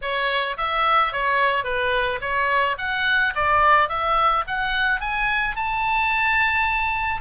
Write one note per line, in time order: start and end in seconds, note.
0.01 0.57 C#5
0.57 1.12 E5
1.12 1.64 C#5
1.64 2.19 B4
2.21 2.77 C#5
2.78 3.33 F#5
3.35 3.89 D5
3.89 4.44 E5
4.47 5.00 F#5
5.00 5.56 G#5
5.56 7.21 A5